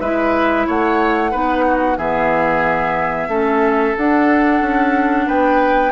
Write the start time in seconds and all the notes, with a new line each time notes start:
0.00 G#3 E4 B4 E5
0.67 A3 C#5 F#5
1.31 B3 D#4 B4
1.66 F#4
1.97 E3 B3 G#4 E5
3.28 A3 C#4 A4
3.97 D4 F#5
4.61 C#4
5.26 B3 B4 G5